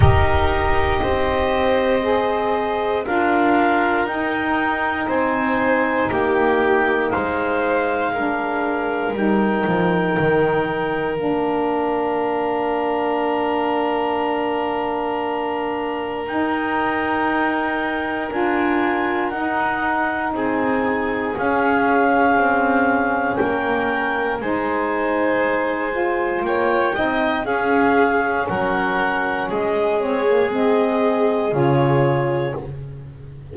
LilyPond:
<<
  \new Staff \with { instrumentName = "clarinet" } { \time 4/4 \tempo 4 = 59 dis''2. f''4 | g''4 gis''4 g''4 f''4~ | f''4 g''2 f''4~ | f''1 |
g''2 gis''4 fis''4 | gis''4 f''2 g''4 | gis''2 g''4 f''4 | fis''4 dis''8 cis''8 dis''4 cis''4 | }
  \new Staff \with { instrumentName = "violin" } { \time 4/4 ais'4 c''2 ais'4~ | ais'4 c''4 g'4 c''4 | ais'1~ | ais'1~ |
ais'1 | gis'2. ais'4 | c''2 cis''8 dis''8 gis'4 | ais'4 gis'2. | }
  \new Staff \with { instrumentName = "saxophone" } { \time 4/4 g'2 gis'4 f'4 | dis'1 | d'4 dis'2 d'4~ | d'1 |
dis'2 f'4 dis'4~ | dis'4 cis'2. | dis'4. f'4 dis'8 cis'4~ | cis'4. c'16 ais16 c'4 f'4 | }
  \new Staff \with { instrumentName = "double bass" } { \time 4/4 dis'4 c'2 d'4 | dis'4 c'4 ais4 gis4~ | gis4 g8 f8 dis4 ais4~ | ais1 |
dis'2 d'4 dis'4 | c'4 cis'4 c'4 ais4 | gis2 ais8 c'8 cis'4 | fis4 gis2 cis4 | }
>>